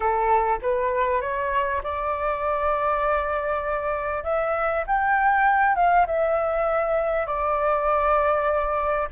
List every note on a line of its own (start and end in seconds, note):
0.00 0.58 A4
0.62 1.21 B4
1.21 1.81 C#5
1.83 4.23 D5
4.23 4.84 E5
4.87 5.75 G5
5.75 6.06 F5
6.06 7.26 E5
7.26 9.08 D5